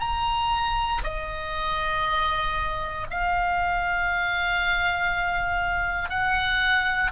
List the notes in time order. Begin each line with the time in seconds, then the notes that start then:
0.00 A#5
1.03 D#5
3.10 F5
6.09 F#5